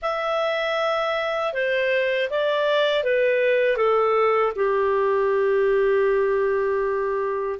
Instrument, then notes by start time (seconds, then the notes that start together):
clarinet
0.02 E5
1.53 C5
2.30 D5
3.03 B4
3.76 A4
4.55 G4